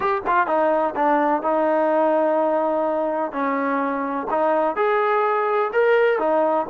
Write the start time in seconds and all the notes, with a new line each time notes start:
0.00 G4
0.27 F4
0.47 D#4
0.95 D4
1.42 D#4
3.32 C#4
4.30 D#4
4.76 G#4
5.72 A#4
6.18 D#4